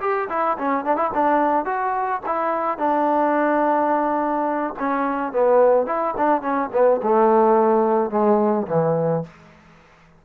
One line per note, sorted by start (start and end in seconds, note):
0.00 0.28 G4
0.29 0.57 E4
0.58 0.85 C#4
0.85 0.96 D4
0.96 1.10 E4
1.13 1.65 D4
1.65 2.21 F#4
2.26 2.78 E4
2.78 4.74 D4
4.79 5.32 C#4
5.32 5.86 B3
5.86 6.14 E4
6.17 6.41 D4
6.41 6.69 C#4
6.73 7.01 B3
7.02 8.10 A3
8.10 8.66 G#3
8.67 9.23 E3